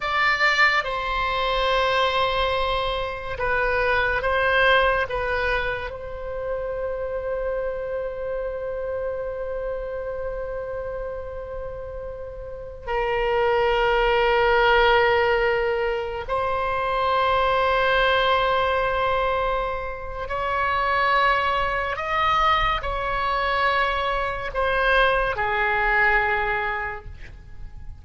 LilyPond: \new Staff \with { instrumentName = "oboe" } { \time 4/4 \tempo 4 = 71 d''4 c''2. | b'4 c''4 b'4 c''4~ | c''1~ | c''2.~ c''16 ais'8.~ |
ais'2.~ ais'16 c''8.~ | c''1 | cis''2 dis''4 cis''4~ | cis''4 c''4 gis'2 | }